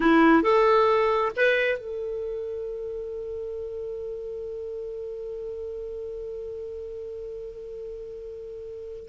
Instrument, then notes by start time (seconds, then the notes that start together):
clarinet
0.00 E4
0.42 A4
1.36 B4
1.78 A4